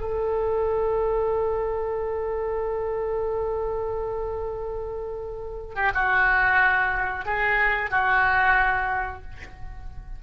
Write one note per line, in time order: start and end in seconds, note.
0.00 5.75 A4
5.75 5.91 G4
5.94 7.25 F#4
7.25 7.90 G#4
7.90 9.22 F#4